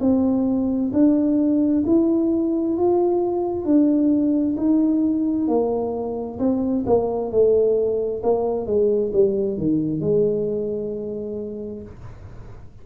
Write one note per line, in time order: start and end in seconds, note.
0.00 0.91 C4
0.93 1.83 D4
1.86 2.77 E4
2.77 3.65 F4
3.65 4.56 D4
4.57 5.48 D#4
5.48 6.38 A#3
6.39 6.84 C4
6.86 7.31 A#3
7.31 8.22 A3
8.23 8.66 A#3
8.66 9.12 G#3
9.13 9.57 G3
9.57 10.00 D#3
10.00 11.82 G#3